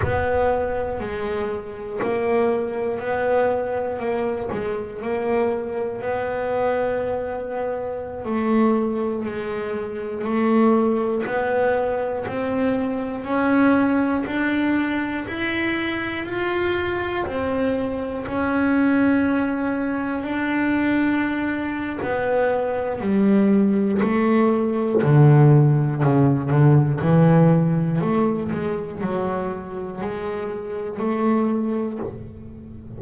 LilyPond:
\new Staff \with { instrumentName = "double bass" } { \time 4/4 \tempo 4 = 60 b4 gis4 ais4 b4 | ais8 gis8 ais4 b2~ | b16 a4 gis4 a4 b8.~ | b16 c'4 cis'4 d'4 e'8.~ |
e'16 f'4 c'4 cis'4.~ cis'16~ | cis'16 d'4.~ d'16 b4 g4 | a4 d4 cis8 d8 e4 | a8 gis8 fis4 gis4 a4 | }